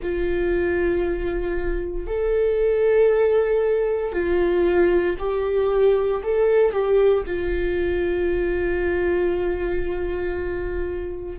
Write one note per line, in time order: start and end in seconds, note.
0.01 2.06 F4
2.06 4.12 A4
4.12 5.15 F4
5.18 6.22 G4
6.23 6.71 A4
6.71 7.23 G4
7.26 11.38 F4